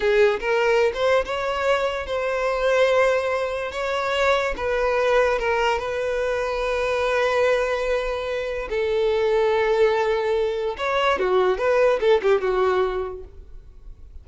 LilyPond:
\new Staff \with { instrumentName = "violin" } { \time 4/4 \tempo 4 = 145 gis'4 ais'4~ ais'16 c''8. cis''4~ | cis''4 c''2.~ | c''4 cis''2 b'4~ | b'4 ais'4 b'2~ |
b'1~ | b'4 a'2.~ | a'2 cis''4 fis'4 | b'4 a'8 g'8 fis'2 | }